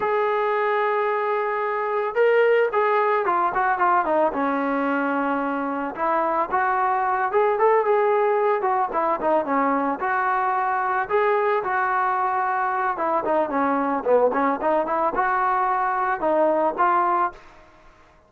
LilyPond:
\new Staff \with { instrumentName = "trombone" } { \time 4/4 \tempo 4 = 111 gis'1 | ais'4 gis'4 f'8 fis'8 f'8 dis'8 | cis'2. e'4 | fis'4. gis'8 a'8 gis'4. |
fis'8 e'8 dis'8 cis'4 fis'4.~ | fis'8 gis'4 fis'2~ fis'8 | e'8 dis'8 cis'4 b8 cis'8 dis'8 e'8 | fis'2 dis'4 f'4 | }